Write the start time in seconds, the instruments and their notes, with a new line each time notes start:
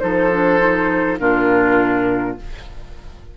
0.00 bassoon F3, clarinet D#4, oboe A4, flute C5
0.32 clarinet D4
0.59 clarinet D#4
1.19 bassoon A#2, clarinet D4, oboe F4, flute A#4